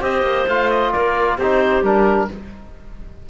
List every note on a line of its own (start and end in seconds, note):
0.00 0.22 C4
0.00 0.46 G4
0.00 0.91 C5
0.00 0.48 D#5
0.22 0.45 A#3
0.48 0.93 A3
0.48 1.41 F4
0.48 0.70 F5
0.70 0.92 D#5
0.92 1.38 A#3
0.92 1.37 A#4
0.92 1.38 D5
1.37 1.82 C4
1.37 1.84 D#4
1.37 2.28 G4
1.37 1.84 C5
1.82 2.28 G3
1.82 2.29 D4
1.82 2.29 A#4